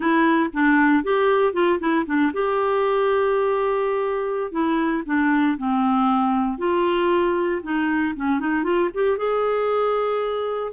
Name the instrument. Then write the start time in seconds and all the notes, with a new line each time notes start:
clarinet
0.00 E4
0.53 D4
1.03 G4
1.53 F4
1.79 E4
2.06 D4
2.33 G4
4.51 E4
5.05 D4
5.57 C4
6.58 F4
7.62 D#4
8.15 C#4
8.39 D#4
8.63 F4
8.94 G4
9.17 G#4